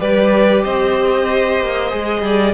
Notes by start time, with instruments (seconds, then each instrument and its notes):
0.00 cello G3, viola G4, violin B4 D5
0.64 cello C4, violin C5 D#5
1.61 cello A#3
1.91 cello G#3, viola G#4
2.23 cello G3, violin D5